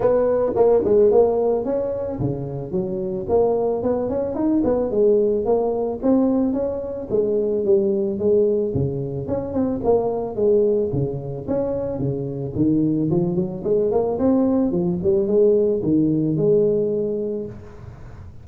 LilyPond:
\new Staff \with { instrumentName = "tuba" } { \time 4/4 \tempo 4 = 110 b4 ais8 gis8 ais4 cis'4 | cis4 fis4 ais4 b8 cis'8 | dis'8 b8 gis4 ais4 c'4 | cis'4 gis4 g4 gis4 |
cis4 cis'8 c'8 ais4 gis4 | cis4 cis'4 cis4 dis4 | f8 fis8 gis8 ais8 c'4 f8 g8 | gis4 dis4 gis2 | }